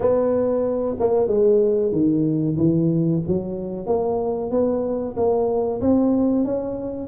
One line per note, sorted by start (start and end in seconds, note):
0.00 0.96 B3
0.99 1.27 A#3
1.27 1.91 G#3
1.91 2.56 D#3
2.57 3.21 E3
3.27 3.86 F#3
3.86 4.50 A#3
4.50 5.15 B3
5.16 5.81 A#3
5.81 6.44 C4
6.44 7.07 C#4